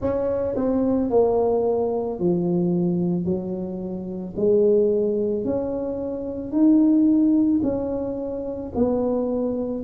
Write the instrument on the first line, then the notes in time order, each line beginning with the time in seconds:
tuba
0.01 C#4
0.55 C4
1.10 A#3
2.19 F3
3.24 F#3
4.36 G#3
5.44 C#4
6.51 D#4
7.63 C#4
8.74 B3